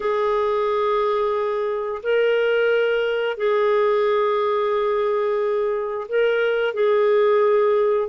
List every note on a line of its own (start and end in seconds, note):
0.00 2.02 G#4
2.03 3.37 A#4
3.37 6.07 G#4
6.08 6.74 A#4
6.74 8.08 G#4